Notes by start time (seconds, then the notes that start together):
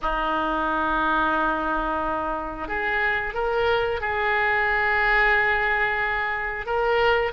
0.01 D#4
2.68 G#4
3.34 A#4
4.01 G#4
6.65 A#4